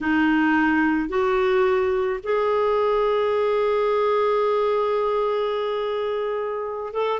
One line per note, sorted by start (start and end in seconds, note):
0.01 1.08 D#4
1.08 2.19 F#4
2.23 6.93 G#4
6.93 7.20 A4